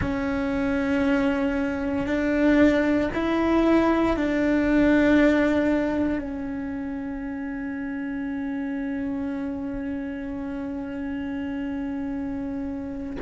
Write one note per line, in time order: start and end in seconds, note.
0.00 2.06 C#4
2.06 3.09 D4
3.14 4.16 E4
4.16 6.18 D4
6.18 13.16 C#4